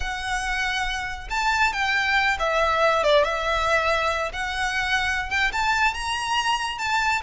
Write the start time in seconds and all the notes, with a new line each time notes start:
0.00 F#5
1.29 A5
1.73 G5
2.39 E5
3.03 D5
3.24 E5
4.33 F#5
5.30 G5
5.52 A5
5.94 A#5
6.78 A5